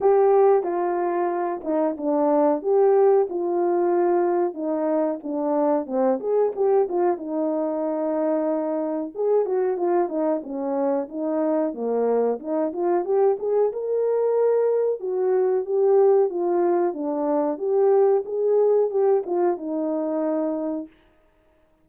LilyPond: \new Staff \with { instrumentName = "horn" } { \time 4/4 \tempo 4 = 92 g'4 f'4. dis'8 d'4 | g'4 f'2 dis'4 | d'4 c'8 gis'8 g'8 f'8 dis'4~ | dis'2 gis'8 fis'8 f'8 dis'8 |
cis'4 dis'4 ais4 dis'8 f'8 | g'8 gis'8 ais'2 fis'4 | g'4 f'4 d'4 g'4 | gis'4 g'8 f'8 dis'2 | }